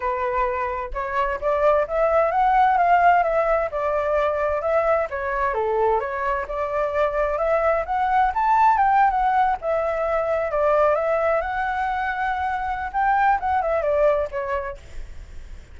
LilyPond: \new Staff \with { instrumentName = "flute" } { \time 4/4 \tempo 4 = 130 b'2 cis''4 d''4 | e''4 fis''4 f''4 e''4 | d''2 e''4 cis''4 | a'4 cis''4 d''2 |
e''4 fis''4 a''4 g''8. fis''16~ | fis''8. e''2 d''4 e''16~ | e''8. fis''2.~ fis''16 | g''4 fis''8 e''8 d''4 cis''4 | }